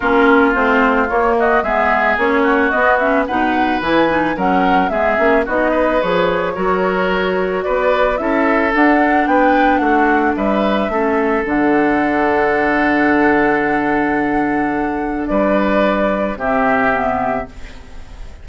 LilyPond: <<
  \new Staff \with { instrumentName = "flute" } { \time 4/4 \tempo 4 = 110 ais'4 c''4 cis''8 dis''8 e''4 | cis''4 dis''8 e''8 fis''4 gis''4 | fis''4 e''4 dis''4 cis''4~ | cis''2 d''4 e''4 |
fis''4 g''4 fis''4 e''4~ | e''4 fis''2.~ | fis''1 | d''2 e''2 | }
  \new Staff \with { instrumentName = "oboe" } { \time 4/4 f'2~ f'8 fis'8 gis'4~ | gis'8 fis'4. b'2 | ais'4 gis'4 fis'8 b'4. | ais'2 b'4 a'4~ |
a'4 b'4 fis'4 b'4 | a'1~ | a'1 | b'2 g'2 | }
  \new Staff \with { instrumentName = "clarinet" } { \time 4/4 cis'4 c'4 ais4 b4 | cis'4 b8 cis'8 dis'4 e'8 dis'8 | cis'4 b8 cis'8 dis'4 gis'4 | fis'2. e'4 |
d'1 | cis'4 d'2.~ | d'1~ | d'2 c'4 b4 | }
  \new Staff \with { instrumentName = "bassoon" } { \time 4/4 ais4 a4 ais4 gis4 | ais4 b4 b,4 e4 | fis4 gis8 ais8 b4 f4 | fis2 b4 cis'4 |
d'4 b4 a4 g4 | a4 d2.~ | d1 | g2 c2 | }
>>